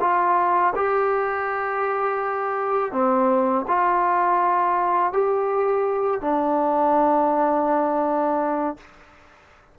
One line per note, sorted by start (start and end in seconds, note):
0.00 0.73 F4
0.75 2.92 G4
2.92 3.65 C4
3.68 5.13 F4
5.13 6.21 G4
6.21 8.77 D4